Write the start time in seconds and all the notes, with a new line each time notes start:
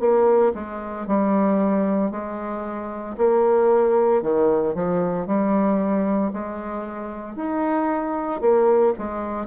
0.00 A#3
0.54 G#3
1.07 G3
2.11 G#3
3.17 A#3
4.22 D#3
4.75 F3
5.27 G3
6.33 G#3
7.36 D#4
8.41 A#3
8.98 G#3